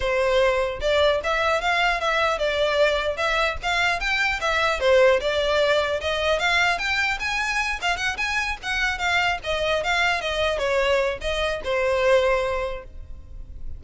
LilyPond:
\new Staff \with { instrumentName = "violin" } { \time 4/4 \tempo 4 = 150 c''2 d''4 e''4 | f''4 e''4 d''2 | e''4 f''4 g''4 e''4 | c''4 d''2 dis''4 |
f''4 g''4 gis''4. f''8 | fis''8 gis''4 fis''4 f''4 dis''8~ | dis''8 f''4 dis''4 cis''4. | dis''4 c''2. | }